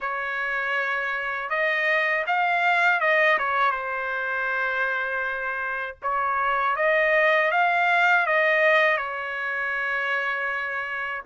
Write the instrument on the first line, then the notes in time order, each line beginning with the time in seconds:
trumpet
0.00 C#5
1.49 D#5
2.27 F5
3.00 D#5
3.38 C#5
3.71 C5
6.02 C#5
6.76 D#5
7.51 F5
8.26 D#5
8.97 C#5